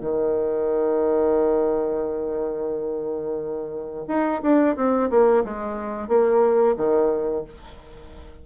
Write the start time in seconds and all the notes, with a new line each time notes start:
0.00 D#3
4.07 D#4
4.42 D4
4.76 C4
5.10 A#3
5.44 G#3
6.08 A#3
6.76 D#3